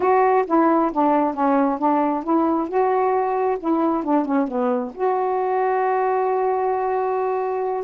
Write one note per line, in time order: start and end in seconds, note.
0.00 0.45 F#4
0.47 0.91 E4
0.92 1.34 D4
1.34 1.78 C#4
1.78 2.23 D4
2.23 2.68 E4
2.68 3.57 F#4
3.59 4.03 E4
4.03 4.25 D4
4.25 4.47 C#4
4.47 4.92 B3
4.94 7.83 F#4